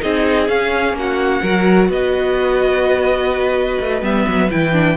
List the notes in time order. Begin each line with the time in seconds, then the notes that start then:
0.00 C4 D#4 G#4 D#5
0.48 C#4 F5
0.93 A#3 F#4 F#5
1.42 F#3 F#4 A#4
1.89 B3 B4 D#5
3.81 A3
4.02 G3 B3 E5
4.28 F#3
4.51 E3 E4 G5
4.73 D4